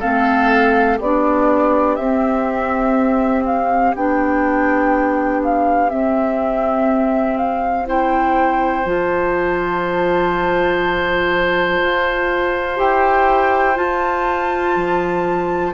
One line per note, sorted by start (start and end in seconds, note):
0.00 1.00 A3
0.00 0.99 C4
0.00 0.97 A4
0.00 0.99 F5
0.97 1.98 B3
0.97 7.86 G4
0.97 1.96 D5
1.04 2.00 D4
1.96 3.95 C4
1.96 3.96 C4
1.96 3.43 E5
3.46 3.95 F5
3.95 5.91 B3
3.95 5.90 D4
3.95 5.43 G5
5.44 5.90 F5
5.90 7.86 C4
5.90 8.86 C4
5.90 7.37 E5
7.37 7.86 F5
7.86 8.84 E4
7.86 15.74 C5
7.86 8.87 G5
8.84 11.81 F3
8.84 12.76 F4
8.84 12.79 A5
11.81 12.79 F4
12.76 13.77 E4
12.76 13.74 G4
12.76 13.77 G5
13.75 15.72 F4
13.75 14.76 F4
13.75 15.74 A5
14.76 15.74 F3